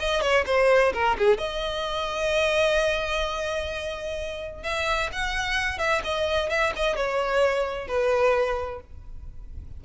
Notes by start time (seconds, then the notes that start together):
0.00 D#5
0.22 C#5
0.47 C5
0.94 A#4
1.18 G#4
1.38 D#5
4.64 E5
5.13 F#5
5.79 E5
6.04 D#5
6.50 E5
6.76 D#5
6.97 C#5
7.88 B4